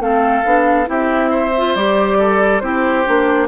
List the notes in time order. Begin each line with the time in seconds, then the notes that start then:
0.00 A3 C4 A4 F5
0.45 B3 D4
0.86 C4 E4 G4 E5
1.31 C5
1.58 F4
1.76 G3 G4 D5
2.19 A4
2.60 C4 E4 G4 C5
3.05 A#3 D4